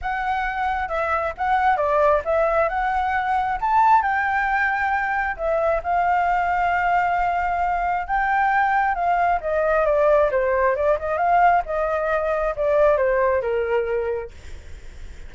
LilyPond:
\new Staff \with { instrumentName = "flute" } { \time 4/4 \tempo 4 = 134 fis''2 e''4 fis''4 | d''4 e''4 fis''2 | a''4 g''2. | e''4 f''2.~ |
f''2 g''2 | f''4 dis''4 d''4 c''4 | d''8 dis''8 f''4 dis''2 | d''4 c''4 ais'2 | }